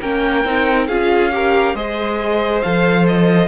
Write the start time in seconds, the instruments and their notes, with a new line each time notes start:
0.00 cello A#3, viola C#4, violin A#4 G5
0.44 cello C4, viola D#4
0.87 cello C#4, viola F4, violin G#4 F5
1.32 viola G4, violin A#4
1.74 cello G#3, viola G#4, violin C5 D#5
2.62 cello F3, viola A4, violin F5
3.07 violin D#5